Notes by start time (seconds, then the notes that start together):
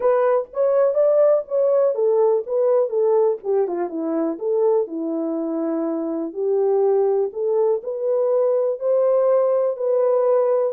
0.00 B4
0.53 C#5
0.94 D5
1.47 C#5
1.94 A4
2.46 B4
2.89 A4
3.43 G4
3.67 F4
3.89 E4
4.38 A4
4.87 E4
6.33 G4
7.32 A4
7.83 B4
8.79 C5
9.76 B4